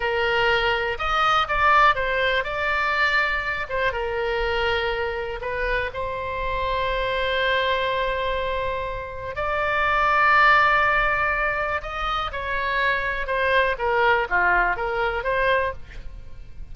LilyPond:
\new Staff \with { instrumentName = "oboe" } { \time 4/4 \tempo 4 = 122 ais'2 dis''4 d''4 | c''4 d''2~ d''8 c''8 | ais'2. b'4 | c''1~ |
c''2. d''4~ | d''1 | dis''4 cis''2 c''4 | ais'4 f'4 ais'4 c''4 | }